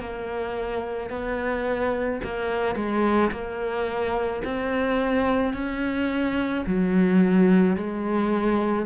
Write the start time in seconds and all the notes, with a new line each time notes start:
0.00 A#3
1.10 B3
2.24 A#3
2.75 G#3
3.31 A#3
4.44 C4
5.54 C#4
6.66 F#3
7.77 G#3